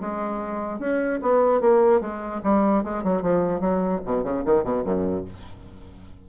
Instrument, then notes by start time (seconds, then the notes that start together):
bassoon
0.00 G#3
0.79 C#4
1.22 B3
1.61 A#3
2.01 G#3
2.43 G3
2.83 G#3
3.03 F#3
3.22 F3
3.60 F#3
4.05 B2
4.23 C#3
4.45 D#3
4.63 B2
4.84 F#2